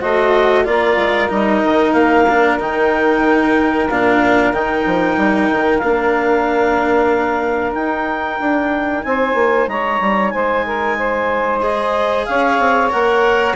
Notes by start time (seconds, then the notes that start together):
0.00 A3 F#4 C5 D#5
0.64 A#3 F4 A#4 D5
0.96 G#3
1.28 G3 D#4 D#5
1.64 D#3
1.93 A#3 F5
2.29 D4
2.59 D#3 D#4 G5
3.89 A#2 D4 F5
4.52 D#3 D#4 G5
4.86 F3
5.17 G3
5.52 D#3
5.78 A#3 D4 F5
7.74 D#4 G5
8.40 D4
9.03 C4 C5 G#5
9.34 A#3
9.67 G#3 C#5 A#5
10.00 G3
10.30 G#3 C5 G#5
10.65 A#4
10.98 C5
11.60 G#4 D#5
12.25 C#4 C#5 F5
12.59 C4
12.89 A#3 A#4 F#5